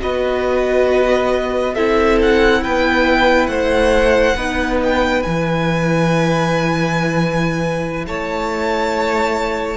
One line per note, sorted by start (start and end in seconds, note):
0.00 1.78 B3
0.00 1.74 F#4
0.00 1.74 B4
0.00 1.75 D#5
1.74 2.65 C4
1.74 4.37 E4
1.74 2.61 A4
1.74 2.19 E5
2.22 2.63 F#5
2.63 3.48 B3
2.63 3.50 B4
2.63 3.47 G5
3.47 4.35 A3
3.47 4.37 C5
3.47 4.78 F#5
4.36 5.23 B3
4.36 5.24 D#4
4.36 8.06 B4
4.83 5.23 G5
5.23 8.07 E3
5.23 9.77 E4
5.23 8.05 G#5
8.07 9.77 A3
8.07 9.77 C#5
8.07 9.77 A5